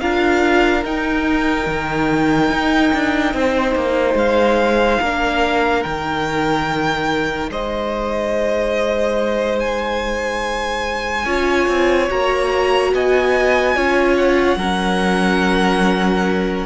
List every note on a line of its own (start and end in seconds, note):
0.00 0.84 D4
0.00 0.84 F4
0.00 3.35 A#4
0.00 0.83 F5
0.84 1.66 D#4
0.84 5.01 D#4
0.84 4.17 G5
1.66 2.50 D#3
2.50 2.91 D#4
2.93 3.34 D4
3.34 3.75 C4
3.34 5.00 C5
3.75 4.14 A#3
4.14 4.97 G#3
4.14 5.83 F5
5.00 5.84 A#3
5.00 5.85 D4
5.00 7.50 A#4
5.83 7.50 D#3
5.83 11.26 D#4
5.83 7.49 G5
7.50 11.25 G#3
7.50 11.25 C5
7.50 9.60 D#5
9.60 12.10 G#5
11.25 11.66 C#4
11.25 12.09 F4
11.25 12.92 C#5
11.67 12.09 C4
12.09 12.93 A#3
12.09 13.76 F#4
12.09 12.93 A#5
12.93 13.76 B3
12.93 13.75 D#5
12.93 14.16 G#5
13.75 14.56 C#4
13.75 14.59 F4
13.75 14.58 C#5
14.16 16.65 F#5
14.56 16.65 F#3
14.56 16.65 C#4
14.56 16.65 A#4